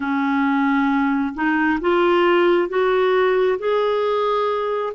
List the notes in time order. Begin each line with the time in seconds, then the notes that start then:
0.00 C#4
1.34 D#4
1.80 F4
2.68 F#4
3.58 G#4